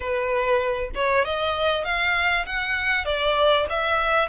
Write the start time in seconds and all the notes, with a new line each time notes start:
0.00 B4
0.95 C#5
1.24 D#5
1.84 F5
2.45 F#5
3.05 D5
3.69 E5